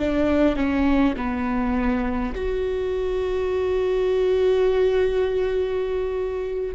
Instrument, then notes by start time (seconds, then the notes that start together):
viola
0.00 D4
0.56 C#4
1.17 B3
2.35 F#4